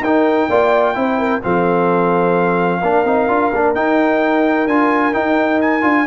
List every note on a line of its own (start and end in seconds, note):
0.00 0.47 D#4
0.00 0.50 D#4
0.00 0.49 A#4
0.00 1.43 G5
0.49 0.96 A#3
0.49 0.95 F4
0.49 0.95 D5
0.95 1.42 C4
0.95 1.41 E4
0.95 1.19 C5
1.19 1.42 A#4
1.42 2.82 F3
1.42 2.82 C4
1.42 2.81 A4
1.42 3.75 F5
2.81 3.05 A#3
2.81 3.06 D4
2.81 6.07 A#4
3.05 3.28 C4
3.05 3.28 D#4
3.28 3.52 D4
3.28 3.52 F4
3.54 3.75 A#3
3.54 3.75 D4
3.75 4.67 D#4
3.75 4.68 D#4
3.75 4.67 G5
4.67 5.13 D4
4.67 5.13 F4
4.67 5.14 G#5
5.13 5.81 D#4
5.13 5.83 D#4
5.13 5.60 G5
5.61 6.07 G#5
5.81 6.06 D4
5.81 6.05 F4